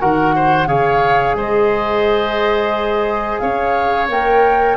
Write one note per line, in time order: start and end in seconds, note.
0.00 0.66 D#3
0.00 0.68 F#4
0.00 0.35 A#4
0.00 0.67 F#5
0.35 0.68 C5
0.66 1.34 C#3
0.66 4.09 G#4
0.66 1.36 C#5
0.66 1.35 F5
1.34 3.39 G#3
1.34 3.41 C5
1.34 3.39 D#5
3.39 4.09 C#4
3.39 4.77 C#5
3.39 4.07 F5
4.09 4.77 A#3
4.09 4.77 A#4
4.09 4.77 G5